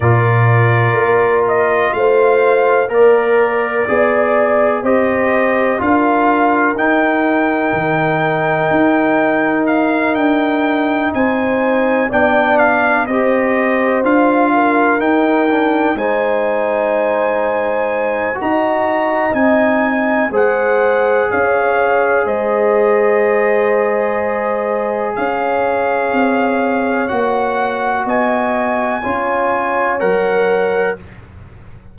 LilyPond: <<
  \new Staff \with { instrumentName = "trumpet" } { \time 4/4 \tempo 4 = 62 d''4. dis''8 f''4 d''4~ | d''4 dis''4 f''4 g''4~ | g''2 f''8 g''4 gis''8~ | gis''8 g''8 f''8 dis''4 f''4 g''8~ |
g''8 gis''2~ gis''8 ais''4 | gis''4 fis''4 f''4 dis''4~ | dis''2 f''2 | fis''4 gis''2 fis''4 | }
  \new Staff \with { instrumentName = "horn" } { \time 4/4 ais'2 c''4 ais'4 | d''4 c''4 ais'2~ | ais'2.~ ais'8 c''8~ | c''8 d''4 c''4. ais'4~ |
ais'8 c''2~ c''8 dis''4~ | dis''4 c''4 cis''4 c''4~ | c''2 cis''2~ | cis''4 dis''4 cis''2 | }
  \new Staff \with { instrumentName = "trombone" } { \time 4/4 f'2. ais'4 | gis'4 g'4 f'4 dis'4~ | dis'1~ | dis'8 d'4 g'4 f'4 dis'8 |
d'8 dis'2~ dis'8 fis'4 | dis'4 gis'2.~ | gis'1 | fis'2 f'4 ais'4 | }
  \new Staff \with { instrumentName = "tuba" } { \time 4/4 ais,4 ais4 a4 ais4 | b4 c'4 d'4 dis'4 | dis4 dis'4. d'4 c'8~ | c'8 b4 c'4 d'4 dis'8~ |
dis'8 gis2~ gis8 dis'4 | c'4 gis4 cis'4 gis4~ | gis2 cis'4 c'4 | ais4 b4 cis'4 fis4 | }
>>